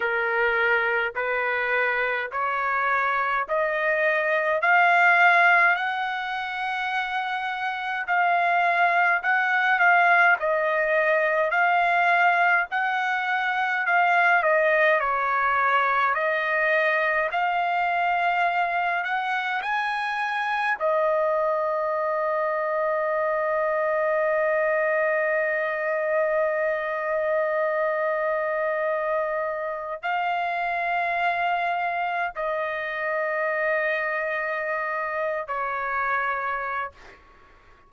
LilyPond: \new Staff \with { instrumentName = "trumpet" } { \time 4/4 \tempo 4 = 52 ais'4 b'4 cis''4 dis''4 | f''4 fis''2 f''4 | fis''8 f''8 dis''4 f''4 fis''4 | f''8 dis''8 cis''4 dis''4 f''4~ |
f''8 fis''8 gis''4 dis''2~ | dis''1~ | dis''2 f''2 | dis''2~ dis''8. cis''4~ cis''16 | }